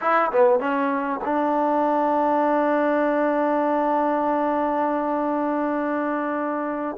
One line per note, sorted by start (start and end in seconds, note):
0.01 0.31 E4
0.31 0.59 B3
0.59 1.20 C#4
1.24 6.97 D4